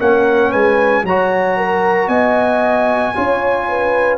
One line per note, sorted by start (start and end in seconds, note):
0.00 0.54 A#3
0.00 1.06 C#4
0.00 0.51 A#4
0.00 0.52 F#5
0.51 1.04 G#3
0.51 1.03 B4
0.51 1.05 G#5
1.04 2.08 F#3
1.04 3.15 F#4
1.04 1.57 C#5
1.04 2.09 A#5
1.57 2.09 A#4
2.08 3.13 B3
2.08 3.14 D#5
2.08 4.19 G#5
3.15 4.19 C#4
3.15 4.19 F4
3.15 3.68 C#5
3.69 4.19 B4